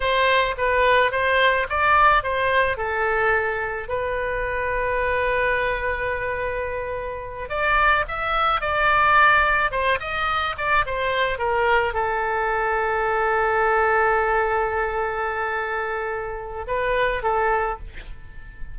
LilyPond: \new Staff \with { instrumentName = "oboe" } { \time 4/4 \tempo 4 = 108 c''4 b'4 c''4 d''4 | c''4 a'2 b'4~ | b'1~ | b'4. d''4 e''4 d''8~ |
d''4. c''8 dis''4 d''8 c''8~ | c''8 ais'4 a'2~ a'8~ | a'1~ | a'2 b'4 a'4 | }